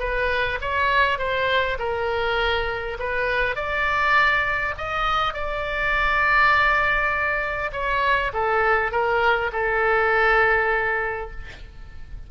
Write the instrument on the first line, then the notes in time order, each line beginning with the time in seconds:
oboe
0.00 B4
0.62 C#5
1.19 C5
1.79 A#4
2.99 B4
3.56 D5
4.78 D#5
5.34 D5
7.73 C#5
8.34 A4
8.92 A#4
9.53 A4